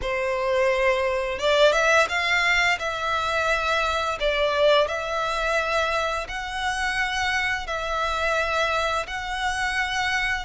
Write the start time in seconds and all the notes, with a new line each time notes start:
0.01 C5
1.38 D5
1.72 E5
2.08 F5
2.78 E5
4.20 D5
4.87 E5
6.28 F#5
7.66 E5
9.07 F#5